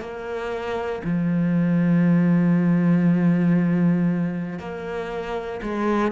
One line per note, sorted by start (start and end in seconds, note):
0.00 1.02 A#3
1.04 4.59 F3
4.59 5.61 A#3
5.63 6.12 G#3